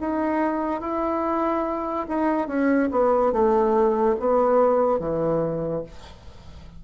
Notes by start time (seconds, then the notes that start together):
0.00 D#4
0.81 E4
2.08 D#4
2.47 C#4
2.91 B3
3.32 A3
4.19 B3
4.99 E3